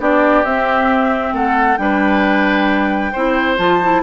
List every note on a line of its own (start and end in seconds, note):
0.00 0.45 B3
0.00 0.45 D4
0.00 1.34 G4
0.00 0.45 D5
0.45 1.34 C4
0.45 1.78 C4
0.45 1.35 E5
1.34 1.78 A3
1.34 1.79 A4
1.34 1.77 F#5
1.77 3.13 G3
1.77 3.12 D4
1.77 3.13 B4
1.77 3.56 G5
3.13 3.59 C4
3.13 3.58 E4
3.13 4.02 C5
3.58 4.03 F3
3.58 3.80 F4
3.58 4.04 A5
3.83 4.04 E4